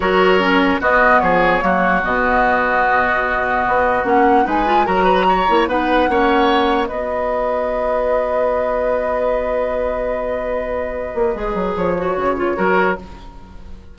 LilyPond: <<
  \new Staff \with { instrumentName = "flute" } { \time 4/4 \tempo 4 = 148 cis''2 dis''4 cis''4~ | cis''4 dis''2.~ | dis''2 fis''4 gis''4 | ais''2 fis''2~ |
fis''4 dis''2.~ | dis''1~ | dis''1~ | dis''4 cis''2. | }
  \new Staff \with { instrumentName = "oboe" } { \time 4/4 ais'2 fis'4 gis'4 | fis'1~ | fis'2. b'4 | ais'8 b'8 cis''4 b'4 cis''4~ |
cis''4 b'2.~ | b'1~ | b'1~ | b'2. ais'4 | }
  \new Staff \with { instrumentName = "clarinet" } { \time 4/4 fis'4 cis'4 b2 | ais4 b2.~ | b2 cis'4 dis'8 f'8 | fis'4. e'8 dis'4 cis'4~ |
cis'4 fis'2.~ | fis'1~ | fis'1 | gis'4. fis'4 f'8 fis'4 | }
  \new Staff \with { instrumentName = "bassoon" } { \time 4/4 fis2 b4 f4 | fis4 b,2.~ | b,4 b4 ais4 gis4 | fis4. ais8 b4 ais4~ |
ais4 b2.~ | b1~ | b2.~ b8 ais8 | gis8 fis8 f4 cis4 fis4 | }
>>